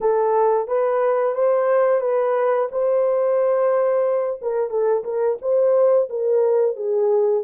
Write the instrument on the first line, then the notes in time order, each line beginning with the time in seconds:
horn
0.01 A4
0.67 B4
1.34 C5
2.00 B4
2.71 C5
4.41 A#4
4.70 A4
5.04 A#4
5.41 C5
6.09 A#4
6.76 G#4